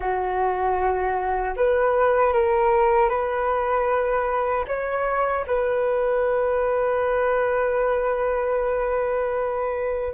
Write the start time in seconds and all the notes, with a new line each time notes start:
0.00 F#4
1.56 B4
2.33 A#4
3.09 B4
4.68 C#5
5.47 B4